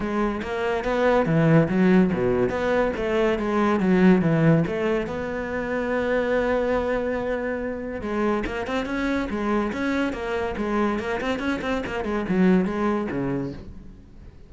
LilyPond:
\new Staff \with { instrumentName = "cello" } { \time 4/4 \tempo 4 = 142 gis4 ais4 b4 e4 | fis4 b,4 b4 a4 | gis4 fis4 e4 a4 | b1~ |
b2. gis4 | ais8 c'8 cis'4 gis4 cis'4 | ais4 gis4 ais8 c'8 cis'8 c'8 | ais8 gis8 fis4 gis4 cis4 | }